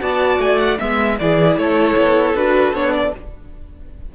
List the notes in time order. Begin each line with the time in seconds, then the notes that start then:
0.00 B3 F#4 D5 A5
0.39 A3 G#5
0.58 F#5
0.79 G#3 B3 E5
1.19 E3 E4 G#4 D5
1.57 A3 A4 C#5
1.97 B3
2.35 D4 F#4 B4
2.73 B3 D4 C#5
2.93 D5